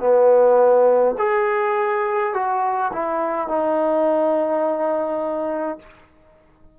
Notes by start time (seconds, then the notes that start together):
0.00 B3
1.19 G#4
2.34 F#4
2.93 E4
3.48 D#4